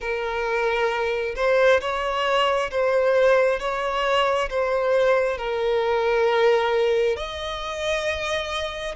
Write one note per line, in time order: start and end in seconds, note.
0.00 1.35 A#4
1.35 1.80 C5
1.80 2.70 C#5
2.71 3.59 C5
3.59 4.49 C#5
4.49 5.37 C5
5.37 7.16 A#4
7.16 8.95 D#5